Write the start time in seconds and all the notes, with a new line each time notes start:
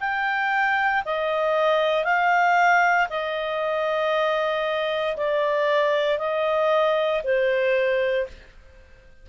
0.00 G5
1.06 D#5
2.05 F5
3.10 D#5
5.17 D5
6.19 D#5
7.24 C5